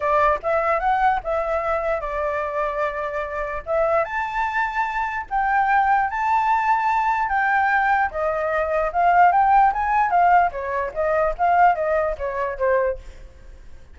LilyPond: \new Staff \with { instrumentName = "flute" } { \time 4/4 \tempo 4 = 148 d''4 e''4 fis''4 e''4~ | e''4 d''2.~ | d''4 e''4 a''2~ | a''4 g''2 a''4~ |
a''2 g''2 | dis''2 f''4 g''4 | gis''4 f''4 cis''4 dis''4 | f''4 dis''4 cis''4 c''4 | }